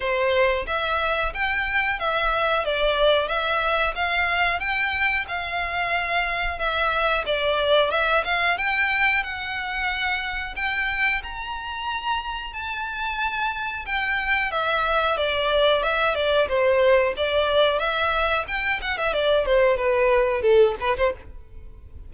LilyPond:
\new Staff \with { instrumentName = "violin" } { \time 4/4 \tempo 4 = 91 c''4 e''4 g''4 e''4 | d''4 e''4 f''4 g''4 | f''2 e''4 d''4 | e''8 f''8 g''4 fis''2 |
g''4 ais''2 a''4~ | a''4 g''4 e''4 d''4 | e''8 d''8 c''4 d''4 e''4 | g''8 fis''16 e''16 d''8 c''8 b'4 a'8 b'16 c''16 | }